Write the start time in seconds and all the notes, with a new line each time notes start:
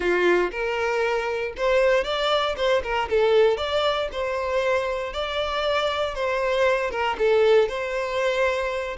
0.00 F4
0.51 A#4
1.57 C5
2.04 D5
2.56 C5
2.83 A#4
3.09 A4
3.57 D5
4.11 C5
5.13 D5
6.14 C5
6.90 A#4
7.18 A4
7.68 C5